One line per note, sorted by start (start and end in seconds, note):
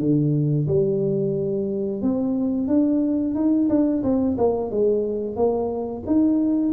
0.00 0.67 D3
0.68 2.02 G3
2.02 2.68 C4
2.68 3.35 D4
3.35 3.69 D#4
3.69 4.03 D4
4.03 4.37 C4
4.38 4.71 A#3
4.71 5.36 G#3
5.36 6.04 A#3
6.07 6.73 D#4